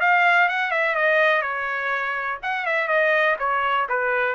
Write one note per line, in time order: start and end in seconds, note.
0.00 0.48 F5
0.49 0.71 F#5
0.71 0.95 E5
0.95 1.42 D#5
1.42 2.38 C#5
2.42 2.66 F#5
2.66 2.88 E5
2.88 3.36 D#5
3.39 3.87 C#5
3.89 4.35 B4